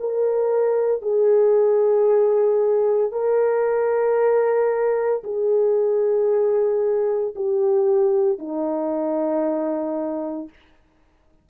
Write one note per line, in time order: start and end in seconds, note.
0.00 1.02 A#4
1.02 3.12 G#4
3.12 5.23 A#4
5.24 7.35 G#4
7.36 8.39 G4
8.39 10.49 D#4